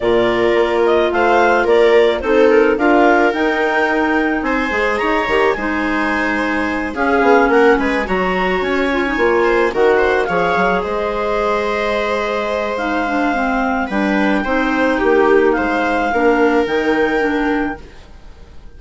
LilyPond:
<<
  \new Staff \with { instrumentName = "clarinet" } { \time 4/4 \tempo 4 = 108 d''4. dis''8 f''4 d''4 | c''8 ais'8 f''4 g''2 | gis''4 ais''4 gis''2~ | gis''8 f''4 fis''8 gis''8 ais''4 gis''8~ |
gis''4. fis''4 f''4 dis''8~ | dis''2. f''4~ | f''4 g''2. | f''2 g''2 | }
  \new Staff \with { instrumentName = "viola" } { \time 4/4 ais'2 c''4 ais'4 | a'4 ais'2. | c''4 cis''4 c''2~ | c''8 gis'4 ais'8 b'8 cis''4.~ |
cis''4 c''8 ais'8 c''8 cis''4 c''8~ | c''1~ | c''4 b'4 c''4 g'4 | c''4 ais'2. | }
  \new Staff \with { instrumentName = "clarinet" } { \time 4/4 f'1 | dis'4 f'4 dis'2~ | dis'8 gis'4 g'8 dis'2~ | dis'8 cis'2 fis'4. |
f'16 dis'16 f'4 fis'4 gis'4.~ | gis'2. dis'8 d'8 | c'4 d'4 dis'2~ | dis'4 d'4 dis'4 d'4 | }
  \new Staff \with { instrumentName = "bassoon" } { \time 4/4 ais,4 ais4 a4 ais4 | c'4 d'4 dis'2 | c'8 gis8 dis'8 dis8 gis2~ | gis8 cis'8 b8 ais8 gis8 fis4 cis'8~ |
cis'8 ais4 dis4 f8 fis8 gis8~ | gis1~ | gis4 g4 c'4 ais4 | gis4 ais4 dis2 | }
>>